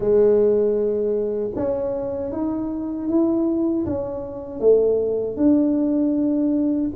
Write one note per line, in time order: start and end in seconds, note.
0.00 1.50 G#3
1.55 2.31 C#4
2.31 3.08 D#4
3.08 3.85 E4
3.86 4.60 C#4
4.60 5.36 A3
5.36 6.90 D4